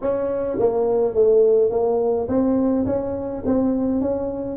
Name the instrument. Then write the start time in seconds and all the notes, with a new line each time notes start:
tuba
0.01 C#4
0.59 A#3
1.14 A3
1.70 A#3
2.28 C4
2.86 C#4
3.45 C4
4.01 C#4